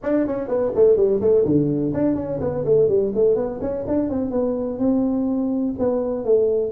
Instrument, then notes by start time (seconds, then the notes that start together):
tuba
0.02 D4
0.26 C#4
0.48 B3
0.75 A3
0.96 G3
1.20 A3
1.45 D3
1.93 D4
2.15 C#4
2.40 B3
2.64 A3
2.88 G3
3.14 A3
3.35 B3
3.61 C#4
3.87 D4
4.09 C4
4.30 B3
4.78 C4
5.78 B3
6.24 A3